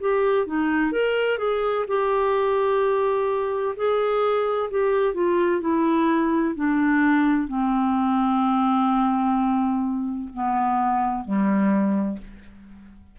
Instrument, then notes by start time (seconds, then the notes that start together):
clarinet
0.00 G4
0.47 D#4
0.92 A#4
1.38 G#4
1.88 G4
3.77 G#4
4.71 G4
5.14 F4
5.61 E4
6.56 D4
7.48 C4
10.34 B3
11.25 G3